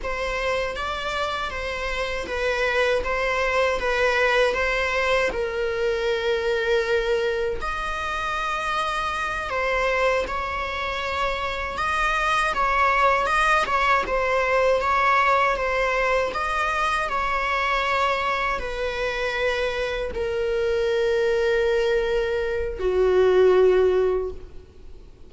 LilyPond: \new Staff \with { instrumentName = "viola" } { \time 4/4 \tempo 4 = 79 c''4 d''4 c''4 b'4 | c''4 b'4 c''4 ais'4~ | ais'2 dis''2~ | dis''8 c''4 cis''2 dis''8~ |
dis''8 cis''4 dis''8 cis''8 c''4 cis''8~ | cis''8 c''4 dis''4 cis''4.~ | cis''8 b'2 ais'4.~ | ais'2 fis'2 | }